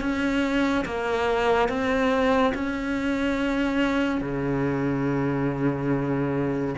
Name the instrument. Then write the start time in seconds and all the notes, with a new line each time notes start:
cello
0.00 C#4
0.85 A#3
1.68 C4
2.54 C#4
4.21 C#3